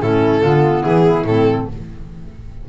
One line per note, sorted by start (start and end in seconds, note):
0.00 0.41 A2
0.00 0.42 C#4
0.00 0.42 E4
0.00 0.82 A4
0.41 0.83 D3
0.41 1.26 B3
0.41 0.82 F4
0.82 1.24 E3
0.82 1.66 E4
0.82 1.24 G#4
1.24 1.66 A2
1.24 1.68 C4
1.24 1.69 A4